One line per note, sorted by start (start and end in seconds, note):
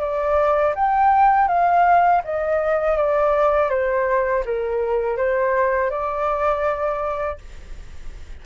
0.00 0.74 D5
0.75 1.47 G5
1.47 2.22 F5
2.24 2.97 D#5
2.97 3.70 D5
3.70 4.44 C5
4.45 5.17 A#4
5.17 5.90 C5
5.90 7.38 D5